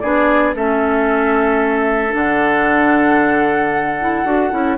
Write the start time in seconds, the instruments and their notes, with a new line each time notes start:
0.00 bassoon B3, clarinet D4, oboe G#4, flute D5
0.55 bassoon A3, clarinet C#4, oboe A4, flute E5
2.12 bassoon D3, clarinet D4, flute F#5
4.00 clarinet E4
4.25 bassoon D4, clarinet F#4
4.51 bassoon C#4, clarinet E4